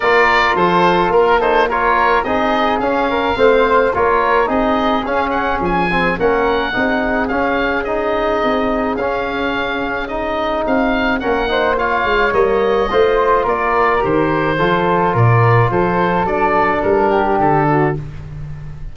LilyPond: <<
  \new Staff \with { instrumentName = "oboe" } { \time 4/4 \tempo 4 = 107 d''4 c''4 ais'8 c''8 cis''4 | dis''4 f''2 cis''4 | dis''4 f''8 fis''8 gis''4 fis''4~ | fis''4 f''4 dis''2 |
f''2 dis''4 f''4 | fis''4 f''4 dis''2 | d''4 c''2 d''4 | c''4 d''4 ais'4 a'4 | }
  \new Staff \with { instrumentName = "flute" } { \time 4/4 ais'4 a'4 ais'8 a'8 ais'4 | gis'4. ais'8 c''4 ais'4 | gis'2. ais'4 | gis'1~ |
gis'1 | ais'8 c''8 cis''2 c''4 | ais'2 a'4 ais'4 | a'2~ a'8 g'4 fis'8 | }
  \new Staff \with { instrumentName = "trombone" } { \time 4/4 f'2~ f'8 dis'8 f'4 | dis'4 cis'4 c'4 f'4 | dis'4 cis'4. c'8 cis'4 | dis'4 cis'4 dis'2 |
cis'2 dis'2 | cis'8 dis'8 f'4 ais4 f'4~ | f'4 g'4 f'2~ | f'4 d'2. | }
  \new Staff \with { instrumentName = "tuba" } { \time 4/4 ais4 f4 ais2 | c'4 cis'4 a4 ais4 | c'4 cis'4 f4 ais4 | c'4 cis'2 c'4 |
cis'2. c'4 | ais4. gis8 g4 a4 | ais4 dis4 f4 ais,4 | f4 fis4 g4 d4 | }
>>